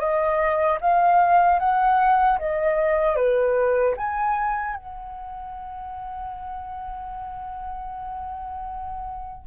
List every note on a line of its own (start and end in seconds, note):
0.00 0.79 D#5
0.81 1.60 F5
1.60 2.39 F#5
2.39 3.17 D#5
3.17 3.95 B4
3.98 4.76 G#5
4.76 9.48 F#5